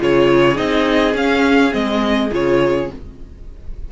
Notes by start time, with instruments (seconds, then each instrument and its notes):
0.00 cello C#3, viola F4, violin G#4 C#5
0.55 cello C4, viola D#4, violin D#5
1.15 cello C#4, viola C#4, violin F5
1.71 cello G#3, viola C4, violin D#5
2.32 cello C#3, viola F4, violin C#5